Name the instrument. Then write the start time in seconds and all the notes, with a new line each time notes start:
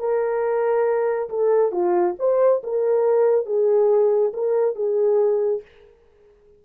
horn
0.00 A#4
1.30 A4
1.72 F4
2.19 C5
2.64 A#4
3.46 G#4
4.34 A#4
4.76 G#4